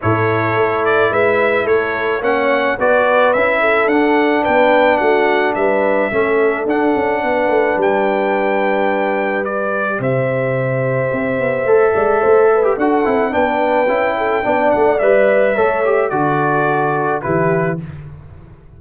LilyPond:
<<
  \new Staff \with { instrumentName = "trumpet" } { \time 4/4 \tempo 4 = 108 cis''4. d''8 e''4 cis''4 | fis''4 d''4 e''4 fis''4 | g''4 fis''4 e''2 | fis''2 g''2~ |
g''4 d''4 e''2~ | e''2. fis''4 | g''2~ g''8 fis''8 e''4~ | e''4 d''2 b'4 | }
  \new Staff \with { instrumentName = "horn" } { \time 4/4 a'2 b'4 a'4 | cis''4 b'4. a'4. | b'4 fis'4 b'4 a'4~ | a'4 b'2.~ |
b'2 c''2~ | c''4. d''8 c''8 b'8 a'4 | b'4. a'8 d''2 | cis''4 a'2 g'4 | }
  \new Staff \with { instrumentName = "trombone" } { \time 4/4 e'1 | cis'4 fis'4 e'4 d'4~ | d'2. cis'4 | d'1~ |
d'4 g'2.~ | g'4 a'4.~ a'16 g'16 fis'8 e'8 | d'4 e'4 d'4 b'4 | a'8 g'8 fis'2 e'4 | }
  \new Staff \with { instrumentName = "tuba" } { \time 4/4 a,4 a4 gis4 a4 | ais4 b4 cis'4 d'4 | b4 a4 g4 a4 | d'8 cis'8 b8 a8 g2~ |
g2 c2 | c'8 b8 a8 gis8 a4 d'8 c'8 | b4 cis'4 b8 a8 g4 | a4 d2 e4 | }
>>